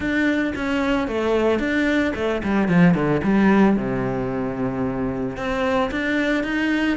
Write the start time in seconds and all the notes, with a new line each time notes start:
0.00 D4
0.55 C#4
1.07 A3
1.59 D4
2.15 A3
2.43 G3
2.68 F3
2.94 D3
3.23 G3
3.76 C3
5.36 C4
5.91 D4
6.43 D#4